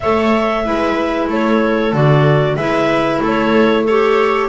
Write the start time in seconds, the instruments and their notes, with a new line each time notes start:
0.00 double bass A3, clarinet A4 E5, viola C#5
0.64 double bass G#3, clarinet E4, viola B4
1.28 double bass A3, viola A4, clarinet C#5
1.92 double bass D3, clarinet F#4 D5
2.56 double bass G#3, clarinet E4 E5, viola B4
3.21 double bass A3, viola A4, clarinet C#5
3.84 clarinet G4 A4, viola C#5